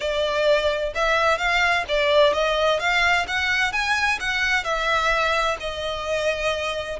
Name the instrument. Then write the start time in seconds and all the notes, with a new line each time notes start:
violin
0.00 D5
0.94 E5
1.37 F5
1.88 D5
2.33 D#5
2.79 F5
3.27 F#5
3.72 G#5
4.20 F#5
4.63 E5
5.60 D#5